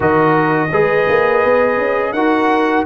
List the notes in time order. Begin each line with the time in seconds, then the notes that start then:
0.00 D#3 F#4 A#4 D#5
0.71 G#3 G#4 B4
1.08 A#3
1.44 B3
1.77 C#4
2.12 D#4 F#4 A#4 F#5